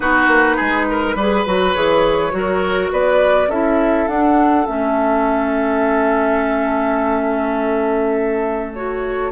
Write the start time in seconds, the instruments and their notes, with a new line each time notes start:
0.00 bassoon B3, clarinet D#4, oboe F#4, flute B4
0.27 bassoon A#3
0.56 bassoon G#3, oboe G#4
0.90 oboe A#4
1.15 bassoon G3, clarinet G#4, oboe B4
1.46 bassoon F#3, clarinet F#4
1.72 bassoon E3, clarinet G#4, flute C#5
2.31 bassoon F#3, clarinet F#4
2.37 oboe A#4
2.92 bassoon B3, oboe B4, flute D5
3.48 bassoon C#4, clarinet E4, oboe A4, flute E5
4.07 bassoon D4, clarinet D4, flute F#5
4.65 bassoon A3, clarinet C#4, flute E5
8.73 clarinet F#4, flute C#5